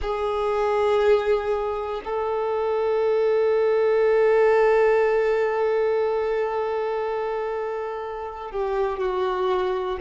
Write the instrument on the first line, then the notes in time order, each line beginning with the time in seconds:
violin
0.01 G#4
2.04 A4
8.50 G4
8.98 F#4